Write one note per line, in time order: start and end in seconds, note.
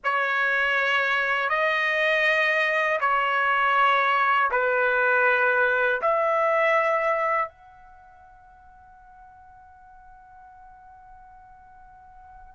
0.04 1.49 C#5
1.49 2.99 D#5
3.00 4.50 C#5
4.51 6.01 B4
6.01 7.49 E5
7.49 12.55 F#5